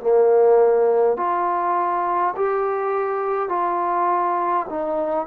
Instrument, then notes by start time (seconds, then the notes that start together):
trombone
0.00 A#3
1.17 F4
2.36 G4
3.49 F4
4.70 D#4